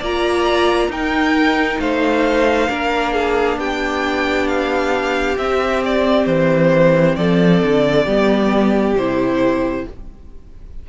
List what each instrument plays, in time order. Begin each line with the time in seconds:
0.00 cello A#3, viola F4, violin D5 A#5
0.88 cello D#4, viola D#4, violin A#4 G5
1.79 cello A3, violin C5 F5
2.69 cello A#3, viola D4, violin A#4
3.14 violin G#4
3.57 cello B3, violin G4 G5
4.48 violin F5
5.38 cello C4, viola C4, violin E5
5.85 violin D5
6.26 cello E3, violin C5
7.16 cello F3, violin A4 D5
7.63 cello D3
8.05 cello G3, viola B3, violin G4
8.95 cello C3, viola E4, violin C5